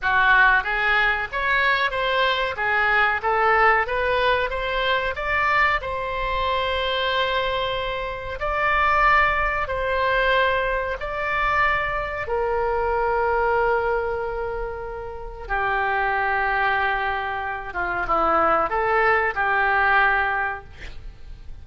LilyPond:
\new Staff \with { instrumentName = "oboe" } { \time 4/4 \tempo 4 = 93 fis'4 gis'4 cis''4 c''4 | gis'4 a'4 b'4 c''4 | d''4 c''2.~ | c''4 d''2 c''4~ |
c''4 d''2 ais'4~ | ais'1 | g'2.~ g'8 f'8 | e'4 a'4 g'2 | }